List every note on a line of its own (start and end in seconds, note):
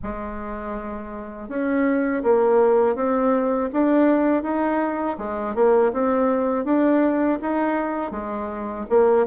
0.02 1.48 G#3
1.48 2.23 C#4
2.23 2.95 A#3
2.95 3.69 C4
3.72 4.42 D4
4.42 5.16 D#4
5.18 5.55 G#3
5.55 5.92 A#3
5.93 6.65 C4
6.65 7.39 D4
7.41 8.11 D#4
8.11 8.85 G#3
8.89 9.26 A#3